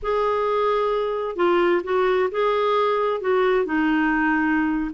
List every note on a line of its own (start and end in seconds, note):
0.02 1.36 G#4
1.36 1.82 F4
1.83 2.29 F#4
2.31 3.20 G#4
3.20 3.65 F#4
3.65 4.91 D#4